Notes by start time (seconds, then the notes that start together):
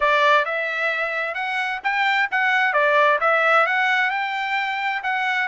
0.00 D5
0.45 E5
1.34 F#5
1.83 G5
2.31 F#5
2.73 D5
3.20 E5
3.66 F#5
4.10 G5
5.03 F#5